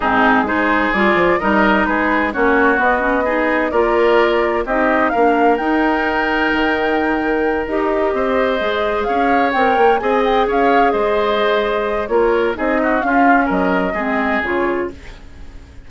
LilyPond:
<<
  \new Staff \with { instrumentName = "flute" } { \time 4/4 \tempo 4 = 129 gis'4 c''4 d''4 dis''4 | b'4 cis''4 dis''2 | d''2 dis''4 f''4 | g''1~ |
g''8 dis''2. f''8~ | f''8 g''4 gis''8 g''8 f''4 dis''8~ | dis''2 cis''4 dis''4 | f''4 dis''2 cis''4 | }
  \new Staff \with { instrumentName = "oboe" } { \time 4/4 dis'4 gis'2 ais'4 | gis'4 fis'2 gis'4 | ais'2 g'4 ais'4~ | ais'1~ |
ais'4. c''2 cis''8~ | cis''4. dis''4 cis''4 c''8~ | c''2 ais'4 gis'8 fis'8 | f'4 ais'4 gis'2 | }
  \new Staff \with { instrumentName = "clarinet" } { \time 4/4 c'4 dis'4 f'4 dis'4~ | dis'4 cis'4 b8 cis'8 dis'4 | f'2 dis'4 d'4 | dis'1~ |
dis'8 g'2 gis'4.~ | gis'8 ais'4 gis'2~ gis'8~ | gis'2 f'4 dis'4 | cis'2 c'4 f'4 | }
  \new Staff \with { instrumentName = "bassoon" } { \time 4/4 gis,4 gis4 g8 f8 g4 | gis4 ais4 b2 | ais2 c'4 ais4 | dis'2 dis2~ |
dis8 dis'4 c'4 gis4 cis'8~ | cis'8 c'8 ais8 c'4 cis'4 gis8~ | gis2 ais4 c'4 | cis'4 fis4 gis4 cis4 | }
>>